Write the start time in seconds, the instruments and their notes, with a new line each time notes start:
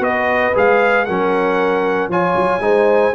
0.00 tuba B3, trombone F#4, trumpet D#5
0.06 horn B4
0.55 tuba G#3, trombone G#4, trumpet F5
1.05 tuba F#3, trombone C#4, horn A#4, trumpet F#5
2.09 tuba F3, trombone F4, horn C#5, trumpet G#5
2.36 tuba F#3
2.60 tuba G#3, trombone D#4, horn C5